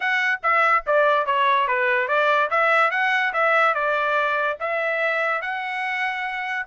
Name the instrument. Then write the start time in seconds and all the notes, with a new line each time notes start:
trumpet
0.00 F#5
0.42 E5
0.86 D5
1.26 C#5
1.67 B4
2.08 D5
2.50 E5
2.91 F#5
3.33 E5
3.74 D5
4.59 E5
5.41 F#5